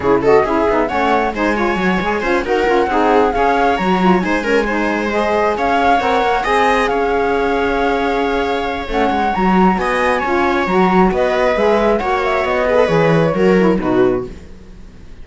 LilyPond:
<<
  \new Staff \with { instrumentName = "flute" } { \time 4/4 \tempo 4 = 135 cis''8 dis''8 e''4 fis''4 gis''4~ | gis''4. fis''2 f''8~ | f''8 ais''4 gis''2 dis''8~ | dis''8 f''4 fis''4 gis''4 f''8~ |
f''1 | fis''4 ais''4 gis''2 | ais''4 dis''4 e''4 fis''8 e''8 | dis''4 cis''2 b'4 | }
  \new Staff \with { instrumentName = "viola" } { \time 4/4 gis'8 a'8 gis'4 cis''4 c''8 cis''8~ | cis''4 c''8 ais'4 gis'4 cis''8~ | cis''4. c''8 ais'8 c''4.~ | c''8 cis''2 dis''4 cis''8~ |
cis''1~ | cis''2 dis''4 cis''4~ | cis''4 b'2 cis''4~ | cis''8 b'4. ais'4 fis'4 | }
  \new Staff \with { instrumentName = "saxophone" } { \time 4/4 e'8 fis'8 e'8 dis'8 cis'4 dis'8 f'8 | fis'8 gis'8 f'8 fis'8 f'8 dis'4 gis'8~ | gis'8 fis'8 f'8 dis'8 cis'8 dis'4 gis'8~ | gis'4. ais'4 gis'4.~ |
gis'1 | cis'4 fis'2 f'4 | fis'2 gis'4 fis'4~ | fis'8 gis'16 a'16 gis'4 fis'8 e'8 dis'4 | }
  \new Staff \with { instrumentName = "cello" } { \time 4/4 cis4 cis'8 b8 a4 gis4 | fis8 gis8 cis'8 dis'8 cis'8 c'4 cis'8~ | cis'8 fis4 gis2~ gis8~ | gis8 cis'4 c'8 ais8 c'4 cis'8~ |
cis'1 | a8 gis8 fis4 b4 cis'4 | fis4 b4 gis4 ais4 | b4 e4 fis4 b,4 | }
>>